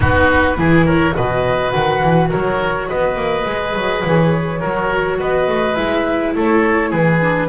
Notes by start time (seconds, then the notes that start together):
0.00 B3 D#4 F#4 B4
0.57 E3 E4 G#4
0.85 A#4 C#5
1.13 B2 F#4 B4 D#5
1.70 D#3 F#5
2.02 E3
2.29 F#3 A#4 C#5
2.88 B3 B4 D#5
3.15 A#3
3.45 G#3 G#4
3.74 F#3
4.05 E3 C#5
4.59 F#3 F#4 A#4
5.19 B3 B4 D#5
5.48 A3
5.75 G#3 E4 E5
6.35 A3 A4 C#5
6.90 E3 G#4 B4
7.20 D4